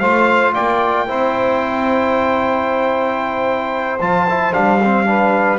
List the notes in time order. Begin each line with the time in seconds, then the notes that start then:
0.00 A3 F4 C5 F5
0.54 A#3 D5 G5
1.07 C4 E4 C5
4.00 F3 F4 A5
4.29 E4
4.53 G3 D4 F5
4.84 C4
5.06 D4 B4